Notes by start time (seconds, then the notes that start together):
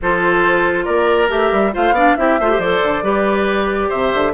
0.01 F3 F4 A4 C5
0.84 A#3 A#4 D5
1.28 A3 G4 E5
1.52 G3
1.72 A3 F4 C5 F5
1.91 B3 D4 D5
2.16 C4 E4 G4 E5
2.39 A3 F4 C5
2.50 G4
2.58 F3 A4 D5
2.83 D3
3.02 G3 G4 B4
3.88 C3 C5 E5
4.13 D3